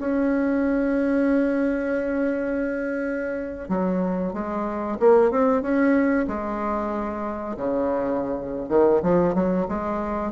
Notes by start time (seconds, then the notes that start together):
0.00 C#4
3.69 F#3
4.33 G#3
5.00 A#3
5.31 C4
5.62 C#4
6.28 G#3
7.57 C#3
8.69 D#3
9.03 F3
9.35 F#3
9.69 G#3